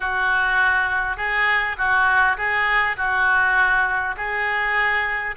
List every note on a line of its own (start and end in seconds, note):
0.00 1.17 F#4
1.17 1.76 G#4
1.77 2.37 F#4
2.37 2.96 G#4
2.96 4.15 F#4
4.16 5.35 G#4